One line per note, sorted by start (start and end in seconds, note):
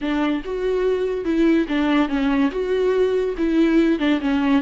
0.01 0.43 D4
0.44 1.24 F#4
1.24 1.66 E4
1.68 2.08 D4
2.08 2.50 C#4
2.51 3.35 F#4
3.37 3.99 E4
3.99 4.20 D4
4.20 4.62 C#4